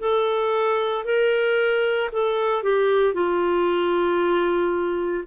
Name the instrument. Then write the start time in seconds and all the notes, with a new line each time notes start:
clarinet
0.00 A4
1.05 A#4
2.12 A4
2.63 G4
3.14 F4